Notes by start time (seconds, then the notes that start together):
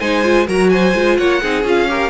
0.00 G#3 D#4 C5 G#5
0.24 F4
0.46 F#3 F#4 A#4 A#5
0.70 C5 G#5
0.95 G#3 F4
1.18 A#3 C#5 F#5
1.42 C4 D#4 G#4
1.64 C#4 F4 F5
1.88 G4 A#4